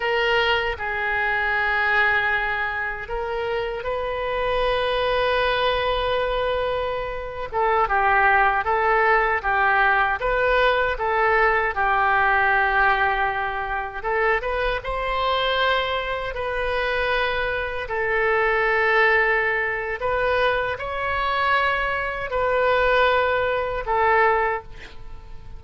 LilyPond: \new Staff \with { instrumentName = "oboe" } { \time 4/4 \tempo 4 = 78 ais'4 gis'2. | ais'4 b'2.~ | b'4.~ b'16 a'8 g'4 a'8.~ | a'16 g'4 b'4 a'4 g'8.~ |
g'2~ g'16 a'8 b'8 c''8.~ | c''4~ c''16 b'2 a'8.~ | a'2 b'4 cis''4~ | cis''4 b'2 a'4 | }